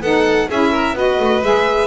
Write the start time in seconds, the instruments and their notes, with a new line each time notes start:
0.00 double bass B3, saxophone D#4, violin A4 F#5
0.49 double bass C#4, saxophone E4, violin G#4 E5
0.72 violin A#4
0.93 double bass B3, saxophone F#4, violin B4 D#5
1.19 double bass A3
1.43 double bass G#3, saxophone G#4, violin E5